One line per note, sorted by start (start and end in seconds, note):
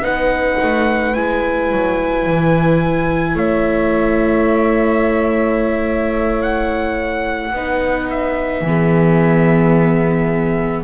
0.00 0.56 B3
0.00 1.13 D#4
0.00 3.35 B4
0.00 1.14 F#5
0.62 1.17 A3
1.14 1.71 G#3
1.14 7.54 E4
1.14 3.37 G#5
1.71 2.26 F#3
2.26 3.35 E3
3.35 7.51 A3
3.35 7.53 C#5
3.35 6.42 E5
6.42 8.09 F#5
7.52 8.61 B3
7.52 8.66 D#4
7.52 8.66 B4
8.10 10.84 E5
8.61 10.83 E3
8.61 10.84 B3
8.68 10.84 G#4